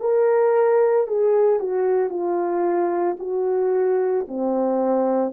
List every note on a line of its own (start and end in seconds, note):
0.00 1.07 A#4
1.07 1.59 G#4
1.59 2.09 F#4
2.09 3.17 F4
3.19 4.26 F#4
4.28 5.32 C4